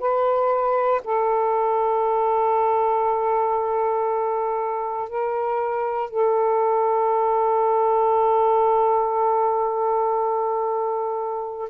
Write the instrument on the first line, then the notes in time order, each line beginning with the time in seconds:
saxophone
0.00 B4
1.04 A4
5.10 A#4
6.11 A4